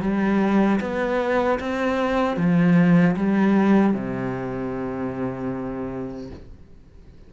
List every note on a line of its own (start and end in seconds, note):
0.00 0.79 G3
0.80 1.59 B3
1.59 2.36 C4
2.36 3.15 F3
3.16 3.93 G3
3.93 6.30 C3